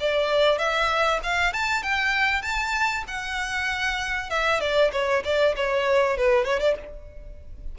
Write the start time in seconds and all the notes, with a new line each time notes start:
0.00 D5
0.58 E5
1.23 F5
1.54 A5
1.83 G5
2.42 A5
3.08 F#5
4.30 E5
4.61 D5
4.92 C#5
5.25 D5
5.56 C#5
6.17 B4
6.45 C#5
6.60 D5